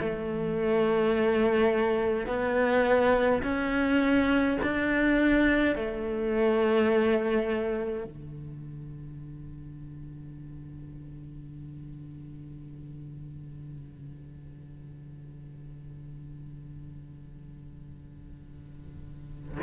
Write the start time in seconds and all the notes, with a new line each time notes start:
0.00 A3
2.27 B3
3.42 C#4
4.63 D4
5.75 A3
8.05 D3